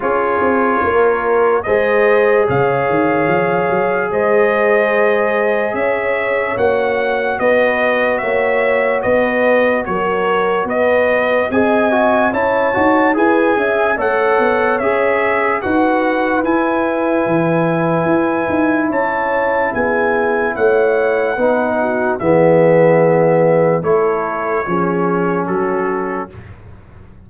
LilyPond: <<
  \new Staff \with { instrumentName = "trumpet" } { \time 4/4 \tempo 4 = 73 cis''2 dis''4 f''4~ | f''4 dis''2 e''4 | fis''4 dis''4 e''4 dis''4 | cis''4 dis''4 gis''4 a''4 |
gis''4 fis''4 e''4 fis''4 | gis''2. a''4 | gis''4 fis''2 e''4~ | e''4 cis''2 a'4 | }
  \new Staff \with { instrumentName = "horn" } { \time 4/4 gis'4 ais'4 c''4 cis''4~ | cis''4 c''2 cis''4~ | cis''4 b'4 cis''4 b'4 | ais'4 b'4 dis''4 cis''4 |
b'8 e''8 cis''2 b'4~ | b'2. cis''4 | gis'4 cis''4 b'8 fis'8 gis'4~ | gis'4 a'4 gis'4 fis'4 | }
  \new Staff \with { instrumentName = "trombone" } { \time 4/4 f'2 gis'2~ | gis'1 | fis'1~ | fis'2 gis'8 fis'8 e'8 fis'8 |
gis'4 a'4 gis'4 fis'4 | e'1~ | e'2 dis'4 b4~ | b4 e'4 cis'2 | }
  \new Staff \with { instrumentName = "tuba" } { \time 4/4 cis'8 c'8 ais4 gis4 cis8 dis8 | f8 fis8 gis2 cis'4 | ais4 b4 ais4 b4 | fis4 b4 c'4 cis'8 dis'8 |
e'8 cis'8 a8 b8 cis'4 dis'4 | e'4 e4 e'8 dis'8 cis'4 | b4 a4 b4 e4~ | e4 a4 f4 fis4 | }
>>